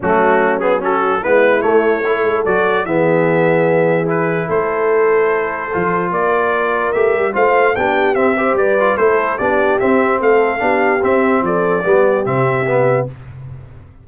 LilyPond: <<
  \new Staff \with { instrumentName = "trumpet" } { \time 4/4 \tempo 4 = 147 fis'4. gis'8 a'4 b'4 | cis''2 d''4 e''4~ | e''2 b'4 c''4~ | c''2. d''4~ |
d''4 e''4 f''4 g''4 | e''4 d''4 c''4 d''4 | e''4 f''2 e''4 | d''2 e''2 | }
  \new Staff \with { instrumentName = "horn" } { \time 4/4 cis'2 fis'4 e'4~ | e'4 a'2 gis'4~ | gis'2. a'4~ | a'2. ais'4~ |
ais'2 c''4 g'4~ | g'8 c''8 b'4 a'4 g'4~ | g'4 a'4 g'2 | a'4 g'2. | }
  \new Staff \with { instrumentName = "trombone" } { \time 4/4 a4. b8 cis'4 b4 | a4 e'4 fis'4 b4~ | b2 e'2~ | e'2 f'2~ |
f'4 g'4 f'4 d'4 | c'8 g'4 f'8 e'4 d'4 | c'2 d'4 c'4~ | c'4 b4 c'4 b4 | }
  \new Staff \with { instrumentName = "tuba" } { \time 4/4 fis2. gis4 | a4. gis8 fis4 e4~ | e2. a4~ | a2 f4 ais4~ |
ais4 a8 g8 a4 b4 | c'4 g4 a4 b4 | c'4 a4 b4 c'4 | f4 g4 c2 | }
>>